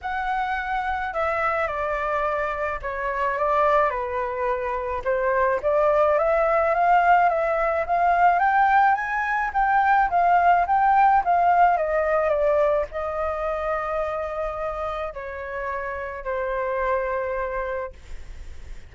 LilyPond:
\new Staff \with { instrumentName = "flute" } { \time 4/4 \tempo 4 = 107 fis''2 e''4 d''4~ | d''4 cis''4 d''4 b'4~ | b'4 c''4 d''4 e''4 | f''4 e''4 f''4 g''4 |
gis''4 g''4 f''4 g''4 | f''4 dis''4 d''4 dis''4~ | dis''2. cis''4~ | cis''4 c''2. | }